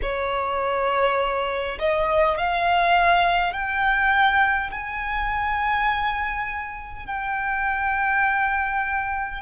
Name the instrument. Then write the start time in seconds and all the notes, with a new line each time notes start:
violin
0.02 C#5
1.79 D#5
2.37 F5
3.52 G5
4.71 G#5
7.06 G5